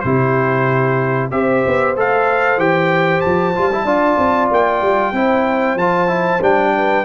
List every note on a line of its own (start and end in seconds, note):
0.00 1.32 C3
0.00 1.31 E4
0.00 1.33 G4
0.00 1.28 C5
1.31 1.64 C4
1.31 1.95 G4
1.31 3.85 C5
1.31 1.95 E5
1.67 1.97 B3
1.97 2.57 A3
1.97 2.59 A4
1.97 2.60 F5
2.57 3.21 E3
2.57 3.54 G4
2.57 3.21 G5
3.21 3.58 F3
3.21 4.49 A5
3.55 3.85 G3
3.55 3.71 F4
3.73 3.86 E4
3.85 4.16 D4
3.85 5.14 F4
3.85 5.12 D5
4.18 4.50 C4
4.51 4.82 A#3
4.51 5.78 G5
4.82 5.12 G3
5.12 5.76 C4
5.12 5.79 E4
5.12 6.74 C5
5.76 6.40 F3
5.76 6.08 F4
5.76 6.42 A5
6.08 6.40 E4
6.41 7.04 G3
6.41 7.05 D4
6.41 7.05 G5
6.76 7.05 B4